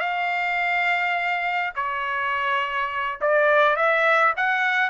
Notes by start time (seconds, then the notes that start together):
0.00 F5
1.75 C#5
3.21 D5
3.76 E5
4.36 F#5